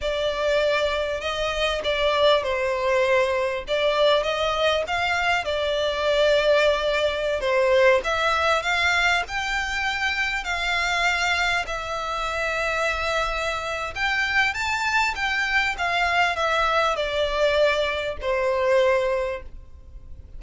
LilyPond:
\new Staff \with { instrumentName = "violin" } { \time 4/4 \tempo 4 = 99 d''2 dis''4 d''4 | c''2 d''4 dis''4 | f''4 d''2.~ | d''16 c''4 e''4 f''4 g''8.~ |
g''4~ g''16 f''2 e''8.~ | e''2. g''4 | a''4 g''4 f''4 e''4 | d''2 c''2 | }